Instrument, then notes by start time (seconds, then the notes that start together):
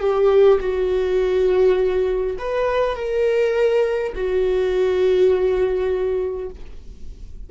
viola
0.00 G4
0.60 F#4
2.39 B4
2.96 A#4
4.15 F#4